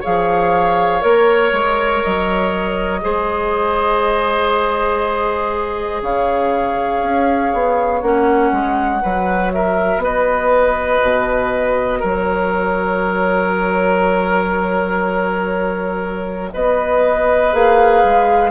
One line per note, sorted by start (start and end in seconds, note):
0.00 1.00 G#4
0.00 3.00 C#5
0.00 1.01 F5
0.06 1.03 F3
1.00 1.52 A#3
1.00 3.00 A#4
1.00 2.01 C#5
1.52 2.02 G#3
2.02 3.04 F#3
2.02 6.02 D#5
3.01 6.02 G#3
3.01 8.01 G#4
3.01 6.02 C5
6.02 7.02 C#3
6.02 9.02 C#5
6.02 8.01 F5
7.02 7.52 C#4
7.53 8.02 B3
8.01 8.51 A#3
8.01 9.00 C#4
8.01 9.51 F#5
8.51 9.01 G#3
9.00 9.97 F#3
9.00 17.50 F#4
9.00 9.52 B4
9.52 10.03 A#4
9.52 10.02 E5
9.97 10.97 B3
9.97 11.99 B4
9.97 12.02 D#5
11.02 12.02 B2
11.99 16.53 F#3
11.99 16.49 A#4
11.99 16.52 C#5
16.53 17.53 B3
16.53 18.51 B4
16.53 17.53 D#5
17.52 18.03 A#3
17.52 18.51 G#4
17.52 18.51 F5
18.03 18.51 G#3